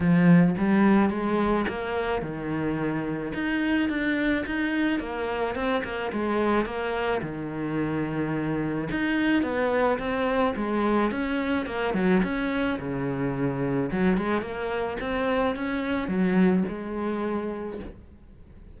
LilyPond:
\new Staff \with { instrumentName = "cello" } { \time 4/4 \tempo 4 = 108 f4 g4 gis4 ais4 | dis2 dis'4 d'4 | dis'4 ais4 c'8 ais8 gis4 | ais4 dis2. |
dis'4 b4 c'4 gis4 | cis'4 ais8 fis8 cis'4 cis4~ | cis4 fis8 gis8 ais4 c'4 | cis'4 fis4 gis2 | }